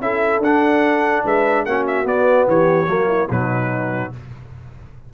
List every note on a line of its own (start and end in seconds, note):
0.00 0.39 C#4
0.00 0.42 E4
0.00 1.24 A4
0.00 0.42 E5
0.39 1.21 D4
0.39 1.67 D4
0.39 1.25 F#5
1.24 1.65 G#3
1.24 1.65 B4
1.24 1.65 E5
1.65 2.04 A#3
1.65 2.04 C#4
1.65 2.48 F#4
1.65 1.85 F#5
1.87 2.07 E5
2.04 2.45 B3
2.04 2.86 B3
2.04 2.48 D5
2.47 2.87 E3
2.47 2.89 G4
2.47 3.31 C#5
2.87 3.28 F#3
2.87 3.28 A#3
2.87 3.07 F#4
3.07 3.28 E4
3.30 4.12 B2
3.30 4.13 F#3
3.30 4.12 D#4
3.30 4.13 B4